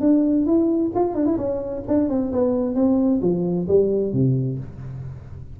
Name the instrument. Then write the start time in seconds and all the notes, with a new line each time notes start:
tuba
0.00 D4
0.46 E4
0.95 F4
1.14 D4
1.25 E4
1.37 C#4
1.87 D4
2.08 C4
2.32 B3
2.75 C4
3.21 F3
3.67 G3
4.13 C3